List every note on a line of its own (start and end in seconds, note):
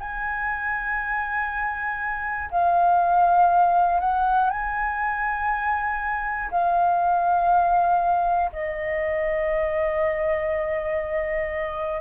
0.00 2.50 G#5
2.50 4.00 F5
4.00 4.50 F#5
4.50 6.50 G#5
6.50 8.50 F5
8.52 12.01 D#5